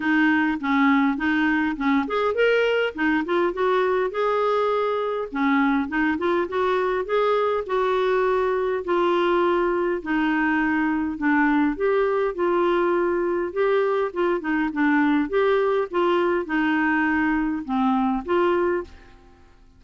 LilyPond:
\new Staff \with { instrumentName = "clarinet" } { \time 4/4 \tempo 4 = 102 dis'4 cis'4 dis'4 cis'8 gis'8 | ais'4 dis'8 f'8 fis'4 gis'4~ | gis'4 cis'4 dis'8 f'8 fis'4 | gis'4 fis'2 f'4~ |
f'4 dis'2 d'4 | g'4 f'2 g'4 | f'8 dis'8 d'4 g'4 f'4 | dis'2 c'4 f'4 | }